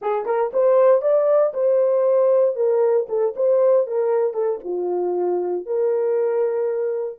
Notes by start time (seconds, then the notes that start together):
0.01 G#4
0.25 A#4
0.53 C5
1.01 D5
1.53 C5
2.55 A#4
3.08 A4
3.36 C5
3.86 A#4
4.33 A4
4.64 F4
5.65 A#4